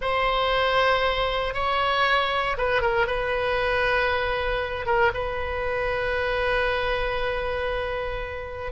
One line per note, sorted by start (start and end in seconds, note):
0.01 1.54 C5
1.54 2.56 C#5
2.57 2.81 B4
2.81 3.06 A#4
3.06 4.86 B4
4.86 5.11 A#4
5.14 8.72 B4